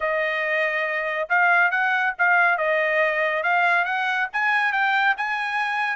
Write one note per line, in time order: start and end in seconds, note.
0.00 1.28 D#5
1.29 1.70 F5
1.70 2.13 F#5
2.18 2.57 F5
2.57 3.43 D#5
3.43 3.85 F5
3.85 4.27 F#5
4.32 4.72 G#5
4.72 5.15 G5
5.17 5.96 G#5